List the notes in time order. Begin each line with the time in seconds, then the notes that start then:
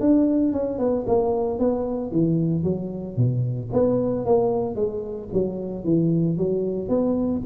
0.00 D4
0.52 C#4
0.78 B3
1.07 A#3
1.59 B3
2.11 E3
2.63 F#3
3.16 B2
3.72 B3
4.25 A#3
4.75 G#3
5.33 F#3
5.84 E3
6.37 F#3
6.89 B3